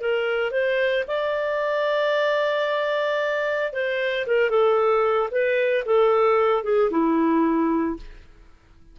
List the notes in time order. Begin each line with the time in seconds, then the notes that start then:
0.00 A#4
0.51 C5
1.07 D5
3.72 C5
4.26 A#4
4.50 A4
5.31 B4
5.85 A4
6.63 G#4
6.90 E4